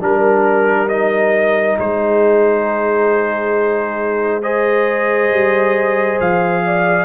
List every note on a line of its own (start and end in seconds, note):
0.00 1.77 G3
0.00 0.88 D4
0.00 1.79 A#4
0.00 0.88 A#4
0.88 4.42 D#4
0.88 1.77 D#5
1.78 5.31 G#3
1.78 4.42 G#4
1.78 4.42 C5
4.42 7.04 G#4
4.42 6.62 C5
4.42 6.19 D#5
5.31 6.19 G3
6.20 7.04 F3
6.20 7.04 F5
6.65 7.04 D5